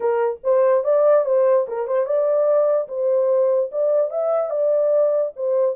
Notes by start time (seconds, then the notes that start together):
0.00 A#4
0.43 C5
0.83 D5
1.25 C5
1.68 A#4
1.87 C5
2.05 D5
2.88 C5
3.71 D5
4.10 E5
4.50 D5
5.35 C5